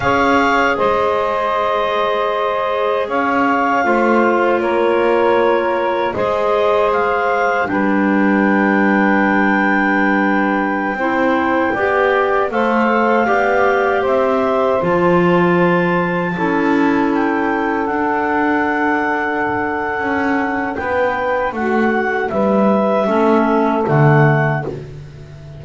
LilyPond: <<
  \new Staff \with { instrumentName = "clarinet" } { \time 4/4 \tempo 4 = 78 f''4 dis''2. | f''2 cis''2 | dis''4 f''4 g''2~ | g''1~ |
g''16 f''2 e''4 a''8.~ | a''2~ a''16 g''4 fis''8.~ | fis''2. g''4 | fis''4 e''2 fis''4 | }
  \new Staff \with { instrumentName = "saxophone" } { \time 4/4 cis''4 c''2. | cis''4 c''4 ais'2 | c''2 b'2~ | b'2~ b'16 c''4 d''8.~ |
d''16 c''4 d''4 c''4.~ c''16~ | c''4~ c''16 a'2~ a'8.~ | a'2. b'4 | fis'4 b'4 a'2 | }
  \new Staff \with { instrumentName = "clarinet" } { \time 4/4 gis'1~ | gis'4 f'2. | gis'2 d'2~ | d'2~ d'16 e'4 g'8.~ |
g'16 a'4 g'2 f'8.~ | f'4~ f'16 e'2 d'8.~ | d'1~ | d'2 cis'4 a4 | }
  \new Staff \with { instrumentName = "double bass" } { \time 4/4 cis'4 gis2. | cis'4 a4 ais2 | gis2 g2~ | g2~ g16 c'4 b8.~ |
b16 a4 b4 c'4 f8.~ | f4~ f16 cis'2 d'8.~ | d'2 cis'4 b4 | a4 g4 a4 d4 | }
>>